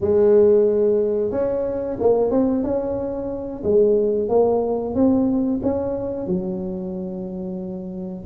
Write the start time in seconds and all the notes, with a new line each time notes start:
0.00 G#3
1.31 C#4
1.99 A#3
2.30 C4
2.63 C#4
3.63 G#3
4.29 A#3
4.94 C4
5.62 C#4
6.26 F#3